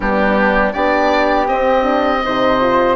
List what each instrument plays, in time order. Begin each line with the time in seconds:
0.00 bassoon G3, horn B3, flute D4, oboe G4
0.73 bassoon B3, horn D4, flute G4, oboe D5
1.47 horn C4, bassoon C4, oboe D#5
1.82 horn D4
2.24 bassoon C3, horn D#4, flute C5
2.60 horn F4